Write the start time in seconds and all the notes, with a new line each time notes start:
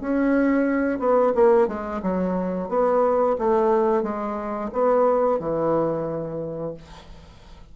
0.00 C#4
0.99 B3
1.35 A#3
1.67 G#3
2.02 F#3
2.68 B3
3.38 A3
4.02 G#3
4.72 B3
5.39 E3